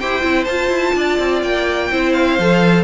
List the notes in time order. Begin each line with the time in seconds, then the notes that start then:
0.00 E4 G4 C5 G5
0.22 C4 E4
0.44 F4 A5
0.69 E4
0.95 D4 D5
1.19 C4
1.43 A#3 G5
1.91 C4 E4 C5
2.13 F5
2.39 F3 A4